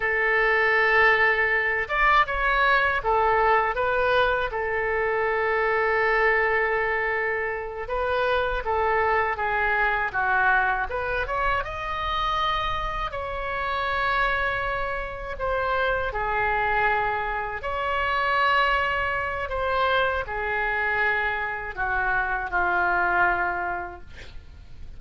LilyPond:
\new Staff \with { instrumentName = "oboe" } { \time 4/4 \tempo 4 = 80 a'2~ a'8 d''8 cis''4 | a'4 b'4 a'2~ | a'2~ a'8 b'4 a'8~ | a'8 gis'4 fis'4 b'8 cis''8 dis''8~ |
dis''4. cis''2~ cis''8~ | cis''8 c''4 gis'2 cis''8~ | cis''2 c''4 gis'4~ | gis'4 fis'4 f'2 | }